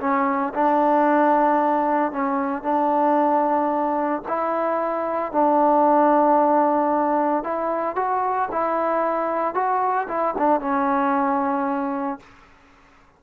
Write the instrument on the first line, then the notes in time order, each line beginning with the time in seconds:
trombone
0.00 C#4
0.54 D4
2.12 C#4
2.63 D4
4.28 E4
5.32 D4
7.44 E4
7.96 F#4
8.51 E4
9.54 F#4
10.08 E4
10.38 D4
10.60 C#4